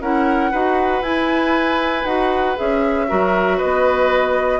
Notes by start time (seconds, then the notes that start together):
0.00 C#4 E4 A#4 F#5
0.51 D#4 F#4 B4
1.02 E4 G#5
2.04 D#4 F#4 F#5
2.56 C#4 G#4 E5
3.08 F#3 F#4 A#4
3.57 B3 B4 D#5